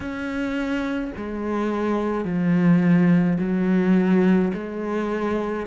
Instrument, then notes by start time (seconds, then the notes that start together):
cello
0.00 C#4
1.16 G#3
2.24 F3
3.39 F#3
4.53 G#3